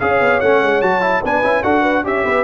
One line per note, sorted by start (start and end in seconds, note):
0.00 0.21 C#4
0.00 0.42 G#4
0.00 1.23 C#5
0.00 0.41 F5
0.21 0.41 B3
0.41 0.62 A3
0.41 0.83 C#4
0.41 0.82 F#5
0.62 0.83 G#3
0.82 1.24 F#3
0.82 1.01 F#4
0.82 1.23 A5
1.01 1.22 E4
1.23 1.43 B3
1.23 1.43 D4
1.23 1.63 B4
1.23 1.64 G#5
1.43 1.64 C#4
1.43 1.64 E4
1.63 2.04 D4
1.63 2.05 F#4
1.63 1.82 A4
1.63 2.05 F#5
1.82 2.02 B4
2.04 2.24 C#4
2.04 2.44 G4
2.04 2.25 C#5
2.04 2.44 E5
2.25 2.44 B3
2.25 2.44 B4